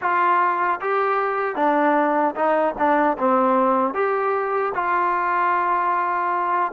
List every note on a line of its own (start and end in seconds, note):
0.01 0.80 F4
0.80 1.55 G4
1.55 2.34 D4
2.35 2.75 D#4
2.77 3.17 D4
3.18 3.94 C4
3.94 4.73 G4
4.74 6.71 F4